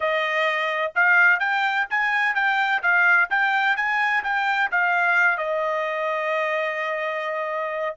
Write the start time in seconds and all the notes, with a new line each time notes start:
0.00 D#5
0.95 F5
1.39 G5
1.90 G#5
2.35 G5
2.82 F5
3.30 G5
3.76 G#5
4.23 G5
4.71 F5
5.37 D#5